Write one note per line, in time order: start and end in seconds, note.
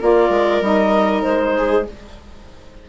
0.00 0.30 A#3
0.00 0.62 F4
0.00 1.57 A#4
0.00 0.64 D5
0.30 0.61 G#3
0.61 1.24 G3
0.61 1.87 D#4
0.61 1.22 D#5
1.22 1.88 G#3
1.22 1.85 C5
1.58 1.89 G#4